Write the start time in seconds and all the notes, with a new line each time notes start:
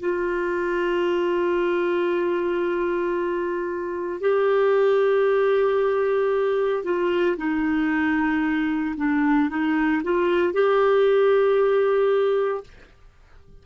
0.00 F4
4.21 G4
6.84 F4
7.37 D#4
8.97 D4
9.50 D#4
10.03 F4
10.54 G4